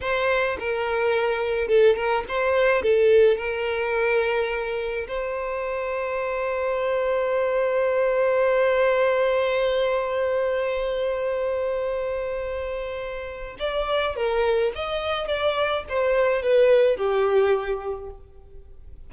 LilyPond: \new Staff \with { instrumentName = "violin" } { \time 4/4 \tempo 4 = 106 c''4 ais'2 a'8 ais'8 | c''4 a'4 ais'2~ | ais'4 c''2.~ | c''1~ |
c''1~ | c''1 | d''4 ais'4 dis''4 d''4 | c''4 b'4 g'2 | }